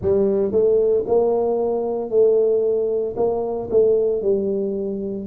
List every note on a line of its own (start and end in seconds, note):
0.01 0.51 G3
0.51 1.04 A3
1.06 2.10 A#3
2.10 3.15 A3
3.16 3.68 A#3
3.70 4.22 A3
4.22 5.27 G3